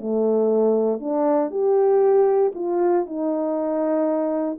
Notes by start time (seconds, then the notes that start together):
0.00 A3
1.00 D4
1.51 G4
2.55 F4
3.06 D#4